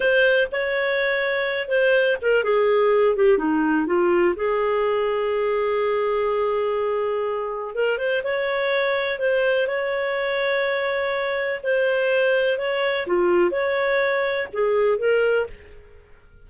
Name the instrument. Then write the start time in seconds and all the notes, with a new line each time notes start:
clarinet
0.00 C5
0.51 C#5
1.68 C5
2.21 A#4
2.43 G#4
3.16 G4
3.38 D#4
3.86 F4
4.35 G#4
7.74 A#4
7.98 C5
8.23 C#5
9.18 C5
9.67 C#5
11.63 C5
12.58 C#5
13.06 F4
13.50 C#5
14.52 G#4
14.98 A#4